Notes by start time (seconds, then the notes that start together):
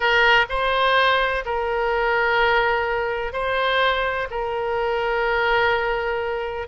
0.00 A#4
0.49 C5
1.45 A#4
3.32 C5
4.30 A#4